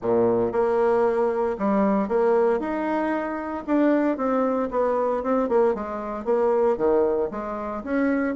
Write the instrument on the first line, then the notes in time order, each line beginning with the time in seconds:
bassoon
0.02 A#2
0.52 A#3
1.58 G3
2.08 A#3
2.59 D#4
3.66 D4
4.17 C4
4.71 B3
5.23 C4
5.49 A#3
5.74 G#3
6.25 A#3
6.77 D#3
7.30 G#3
7.83 C#4